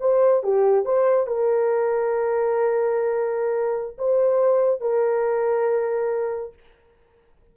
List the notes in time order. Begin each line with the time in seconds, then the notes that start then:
0.00 C5
0.43 G4
0.85 C5
1.27 A#4
3.98 C5
4.81 A#4